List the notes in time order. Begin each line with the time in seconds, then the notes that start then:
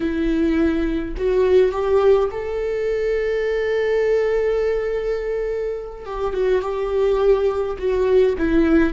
0.00 E4
1.17 F#4
1.72 G4
2.31 A4
6.05 G4
6.33 F#4
6.61 G4
7.78 F#4
8.38 E4